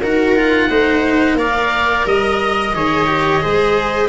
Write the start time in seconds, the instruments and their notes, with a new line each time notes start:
0.00 tuba D#4, cello F#4, viola A#4, oboe F#5
0.35 cello F4
0.69 tuba A3, cello D#4, viola C5
1.34 tuba A#3, cello A#4, viola D5, oboe F5
2.06 tuba G3, oboe D#5, viola D#5
2.73 tuba D#3, cello G#4, viola C#5
3.06 cello G4
3.40 tuba G#3, cello G#4, viola C5